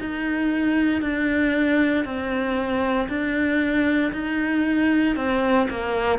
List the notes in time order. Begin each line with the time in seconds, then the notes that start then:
0.00 D#4
1.02 D4
2.05 C4
3.08 D4
4.12 D#4
5.16 C4
5.69 A#3